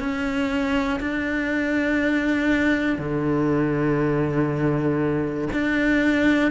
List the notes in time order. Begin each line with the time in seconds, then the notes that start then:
0.00 C#4
1.00 D4
2.98 D3
5.53 D4